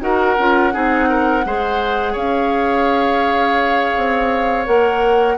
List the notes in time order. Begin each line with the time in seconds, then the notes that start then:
0.00 D#4 F#4 A#4 F#5
0.39 C#4 F4
0.72 C4 D#4 G#4
1.09 A#4
1.45 G#3 G#4 C5
2.12 C#4 C#5 F5
3.96 C4
4.65 A#3 A#4 F#5